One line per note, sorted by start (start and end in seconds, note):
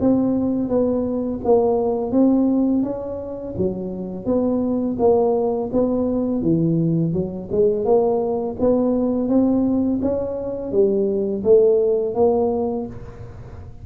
0.00 0.69 C4
0.69 1.40 B3
1.44 2.11 A#3
2.11 2.82 C4
2.83 3.54 C#4
3.57 4.25 F#3
4.25 4.97 B3
4.98 5.70 A#3
5.72 6.42 B3
6.42 7.13 E3
7.13 7.48 F#3
7.51 7.84 G#3
7.84 8.56 A#3
8.59 9.28 B3
9.28 10.00 C4
10.01 10.71 C#4
10.71 11.43 G3
11.44 12.14 A3
12.14 12.86 A#3